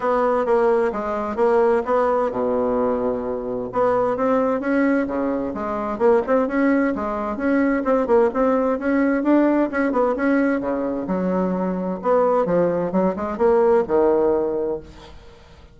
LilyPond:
\new Staff \with { instrumentName = "bassoon" } { \time 4/4 \tempo 4 = 130 b4 ais4 gis4 ais4 | b4 b,2. | b4 c'4 cis'4 cis4 | gis4 ais8 c'8 cis'4 gis4 |
cis'4 c'8 ais8 c'4 cis'4 | d'4 cis'8 b8 cis'4 cis4 | fis2 b4 f4 | fis8 gis8 ais4 dis2 | }